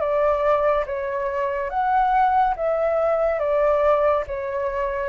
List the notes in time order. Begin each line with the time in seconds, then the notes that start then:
0.00 D5
0.86 C#5
1.70 F#5
2.56 E5
3.39 D5
4.27 C#5